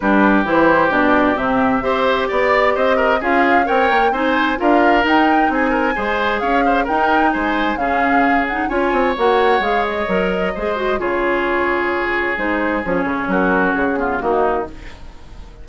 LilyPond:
<<
  \new Staff \with { instrumentName = "flute" } { \time 4/4 \tempo 4 = 131 b'4 c''4 d''4 e''4~ | e''4 d''4 dis''4 f''4 | g''4 gis''4 f''4 g''4 | gis''2 f''4 g''4 |
gis''4 f''4. fis''8 gis''4 | fis''4 f''8 dis''2~ dis''8 | cis''2. c''4 | cis''4 ais'4 gis'4 fis'4 | }
  \new Staff \with { instrumentName = "oboe" } { \time 4/4 g'1 | c''4 d''4 c''8 ais'8 gis'4 | cis''4 c''4 ais'2 | gis'8 ais'8 c''4 cis''8 c''8 ais'4 |
c''4 gis'2 cis''4~ | cis''2. c''4 | gis'1~ | gis'4 fis'4. f'8 dis'4 | }
  \new Staff \with { instrumentName = "clarinet" } { \time 4/4 d'4 e'4 d'4 c'4 | g'2. f'4 | ais'4 dis'4 f'4 dis'4~ | dis'4 gis'2 dis'4~ |
dis'4 cis'4. dis'8 f'4 | fis'4 gis'4 ais'4 gis'8 fis'8 | f'2. dis'4 | cis'2~ cis'8 b8 ais4 | }
  \new Staff \with { instrumentName = "bassoon" } { \time 4/4 g4 e4 b,4 c4 | c'4 b4 c'4 cis'4 | c'8 ais8 c'4 d'4 dis'4 | c'4 gis4 cis'4 dis'4 |
gis4 cis2 cis'8 c'8 | ais4 gis4 fis4 gis4 | cis2. gis4 | f8 cis8 fis4 cis4 dis4 | }
>>